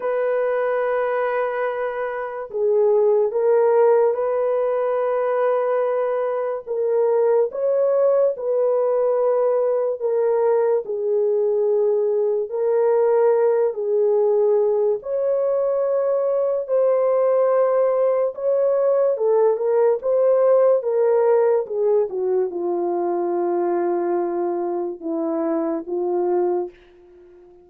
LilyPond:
\new Staff \with { instrumentName = "horn" } { \time 4/4 \tempo 4 = 72 b'2. gis'4 | ais'4 b'2. | ais'4 cis''4 b'2 | ais'4 gis'2 ais'4~ |
ais'8 gis'4. cis''2 | c''2 cis''4 a'8 ais'8 | c''4 ais'4 gis'8 fis'8 f'4~ | f'2 e'4 f'4 | }